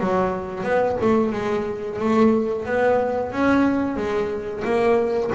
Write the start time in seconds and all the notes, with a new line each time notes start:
0.00 F#3
0.64 B3
1.01 A3
1.32 G#3
1.99 A3
2.65 B3
3.32 C#4
3.97 G#3
4.64 A#3